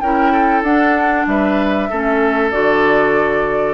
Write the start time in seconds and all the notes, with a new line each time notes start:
0.00 C#4 E4 A#4 G5
0.32 A4
0.62 D4 F#5
1.26 G3 B4 E5
1.89 A3 C#4 A4
2.51 D3 F#4 D5